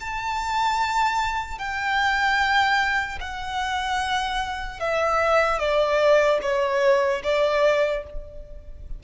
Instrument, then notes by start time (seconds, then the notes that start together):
violin
0.00 A5
1.59 G5
3.20 F#5
4.80 E5
5.59 D5
6.41 C#5
7.23 D5